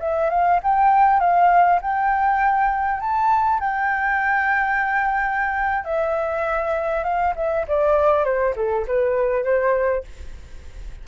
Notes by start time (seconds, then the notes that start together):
0.00 E5
0.30 F5
0.63 G5
1.20 F5
1.82 G5
3.01 A5
3.60 G5
5.85 E5
7.04 F5
7.36 E5
7.68 D5
8.25 C5
8.56 A4
8.88 B4
9.44 C5